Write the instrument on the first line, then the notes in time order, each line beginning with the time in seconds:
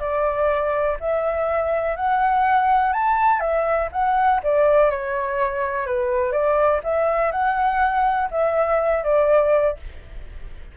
flute
0.00 D5
1.00 E5
1.96 F#5
2.93 A5
3.40 E5
3.92 F#5
4.44 D5
4.91 C#5
5.87 B4
6.33 D5
6.84 E5
7.32 F#5
8.31 E5
9.04 D5